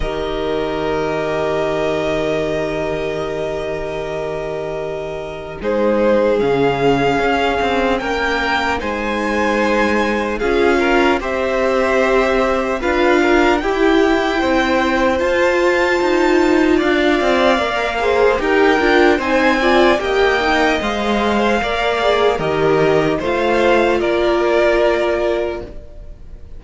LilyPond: <<
  \new Staff \with { instrumentName = "violin" } { \time 4/4 \tempo 4 = 75 dis''1~ | dis''2. c''4 | f''2 g''4 gis''4~ | gis''4 f''4 e''2 |
f''4 g''2 a''4~ | a''4 f''2 g''4 | gis''4 g''4 f''2 | dis''4 f''4 d''2 | }
  \new Staff \with { instrumentName = "violin" } { \time 4/4 ais'1~ | ais'2. gis'4~ | gis'2 ais'4 c''4~ | c''4 gis'8 ais'8 c''2 |
b'8 ais'8 g'4 c''2~ | c''4 d''4. c''8 ais'4 | c''8 d''8 dis''4.~ dis''16 c''16 d''4 | ais'4 c''4 ais'2 | }
  \new Staff \with { instrumentName = "viola" } { \time 4/4 g'1~ | g'2. dis'4 | cis'2. dis'4~ | dis'4 f'4 g'2 |
f'4 e'2 f'4~ | f'2 ais'8 gis'8 g'8 f'8 | dis'8 f'8 g'8 dis'8 c''4 ais'8 gis'8 | g'4 f'2. | }
  \new Staff \with { instrumentName = "cello" } { \time 4/4 dis1~ | dis2. gis4 | cis4 cis'8 c'8 ais4 gis4~ | gis4 cis'4 c'2 |
d'4 e'4 c'4 f'4 | dis'4 d'8 c'8 ais4 dis'8 d'8 | c'4 ais4 gis4 ais4 | dis4 a4 ais2 | }
>>